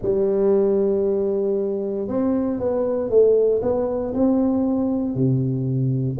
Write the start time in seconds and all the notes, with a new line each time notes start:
0.02 G3
2.07 C4
2.59 B3
3.09 A3
3.62 B3
4.14 C4
5.14 C3